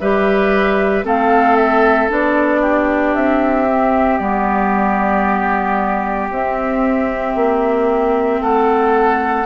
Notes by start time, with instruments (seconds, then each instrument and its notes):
0.00 bassoon G3, clarinet G4, oboe B4, flute E5
1.04 bassoon A3, clarinet C4, oboe A4, flute F5
1.56 flute E5
2.10 bassoon B3, clarinet D4, flute D5
2.61 oboe G4
3.15 bassoon C4, flute E5
3.70 clarinet C4
4.18 bassoon G3, clarinet B3, flute D5
6.30 bassoon C4, clarinet C4, flute E5
7.35 bassoon A#3
8.41 bassoon A3, oboe A4, flute F#5